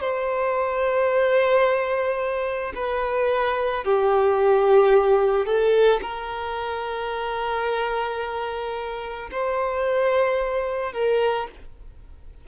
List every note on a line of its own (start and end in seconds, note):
0.00 2.73 C5
2.75 3.84 B4
3.84 5.45 G4
5.45 6.00 A4
6.01 9.29 A#4
9.31 10.92 C5
10.92 11.47 A#4